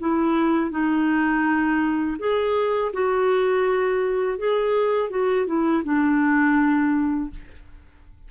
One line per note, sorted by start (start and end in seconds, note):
0.00 0.71 E4
0.71 2.18 D#4
2.19 2.92 G#4
2.94 4.39 F#4
4.39 5.10 G#4
5.10 5.47 F#4
5.47 5.83 E4
5.84 7.31 D4